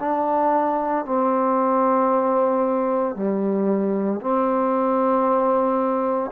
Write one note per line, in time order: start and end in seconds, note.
0.00 1.05 D4
1.05 3.16 C4
3.16 4.21 G3
4.21 6.31 C4